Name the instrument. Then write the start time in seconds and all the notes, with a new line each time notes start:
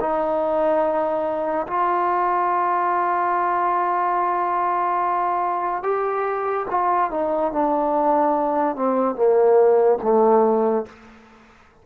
trombone
0.00 D#4
1.67 F4
5.83 G4
6.70 F4
7.11 D#4
7.52 D4
8.76 C4
9.15 A#3
10.02 A3